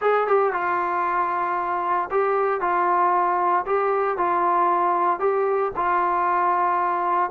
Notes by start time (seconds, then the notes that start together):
0.01 G#4
0.27 G4
0.52 F4
2.10 G4
2.61 F4
3.65 G4
4.17 F4
5.19 G4
5.76 F4